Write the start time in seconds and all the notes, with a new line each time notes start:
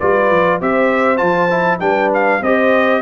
0.00 G3 F4 B4 D5
0.31 F3
0.60 C4 G4 C5 E5
1.18 F3 F4 A5
1.51 E4
1.80 G3 D4 B4 G5
2.15 F5
2.42 C4 G4 C5 D#5